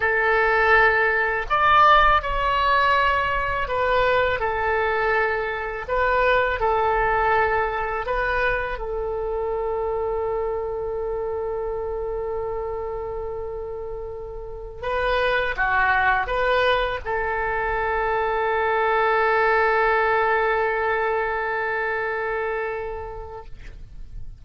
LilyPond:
\new Staff \with { instrumentName = "oboe" } { \time 4/4 \tempo 4 = 82 a'2 d''4 cis''4~ | cis''4 b'4 a'2 | b'4 a'2 b'4 | a'1~ |
a'1~ | a'16 b'4 fis'4 b'4 a'8.~ | a'1~ | a'1 | }